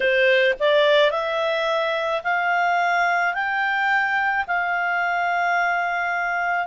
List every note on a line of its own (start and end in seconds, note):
0.00 0.54 C5
0.59 1.11 D5
1.11 2.22 E5
2.23 3.33 F5
3.33 4.44 G5
4.47 6.66 F5